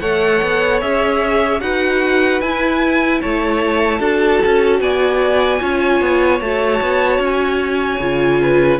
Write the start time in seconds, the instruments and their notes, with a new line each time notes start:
0.00 cello A3, viola A4, violin C#5 F#5
0.42 cello B3
0.81 cello C#4, viola G#4, violin E5
1.61 cello D#4, viola F#4, violin B4 F#5
2.41 cello E4, viola E4, violin G#5
3.22 cello A3, violin C#5 A5
4.00 cello D4, viola F#4, violin A4
4.46 cello C#4
4.80 cello B3, violin D5 G#5
5.60 cello C#4, viola F4, violin C#5
6.01 cello B3
6.40 cello A3, viola F#4, violin A5
6.82 cello B3
7.19 cello C#4
7.25 violin G#5
7.99 cello C#3, viola F4
8.42 violin B4